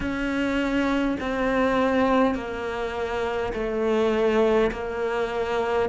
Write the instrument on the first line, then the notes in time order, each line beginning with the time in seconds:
cello
0.00 C#4
1.20 C4
2.35 A#3
3.53 A3
4.71 A#3